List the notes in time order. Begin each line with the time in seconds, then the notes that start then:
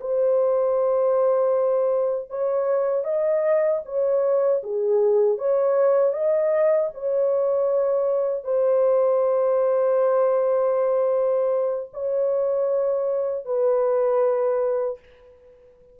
0.00 C5
2.29 C#5
3.04 D#5
3.85 C#5
4.63 G#4
5.38 C#5
6.13 D#5
6.94 C#5
8.44 C5
11.93 C#5
13.45 B4